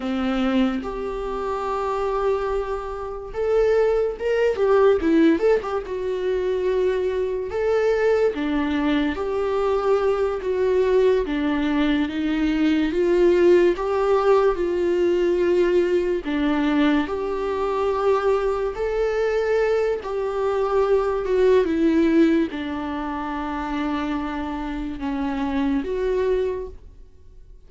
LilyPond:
\new Staff \with { instrumentName = "viola" } { \time 4/4 \tempo 4 = 72 c'4 g'2. | a'4 ais'8 g'8 e'8 a'16 g'16 fis'4~ | fis'4 a'4 d'4 g'4~ | g'8 fis'4 d'4 dis'4 f'8~ |
f'8 g'4 f'2 d'8~ | d'8 g'2 a'4. | g'4. fis'8 e'4 d'4~ | d'2 cis'4 fis'4 | }